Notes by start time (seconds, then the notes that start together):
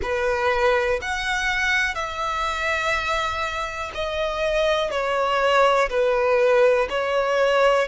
0.01 B4
1.01 F#5
1.94 E5
3.94 D#5
4.90 C#5
5.89 B4
6.89 C#5